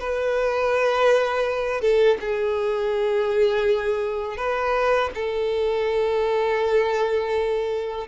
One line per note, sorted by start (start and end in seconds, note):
0.00 1.81 B4
1.81 2.18 A4
2.21 4.37 G#4
4.37 5.11 B4
5.15 8.08 A4